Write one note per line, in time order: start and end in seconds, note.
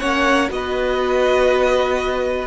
0.00 0.50 A#3
0.00 0.49 C#4
0.00 0.50 C#5
0.00 0.50 F#5
0.49 2.47 B3
0.49 2.47 F#4
0.49 2.47 D#5
0.55 2.47 B4